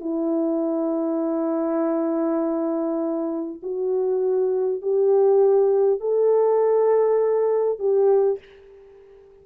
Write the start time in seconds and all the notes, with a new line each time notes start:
0.00 E4
3.62 F#4
4.81 G4
6.00 A4
7.79 G4